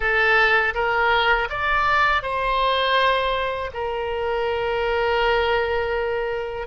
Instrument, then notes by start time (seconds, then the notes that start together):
oboe
0.00 A4
0.74 A#4
1.49 D5
2.22 C5
3.73 A#4